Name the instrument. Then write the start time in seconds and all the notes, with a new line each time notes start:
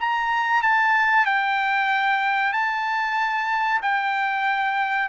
trumpet
0.00 A#5
0.62 A5
1.25 G5
2.53 A5
3.82 G5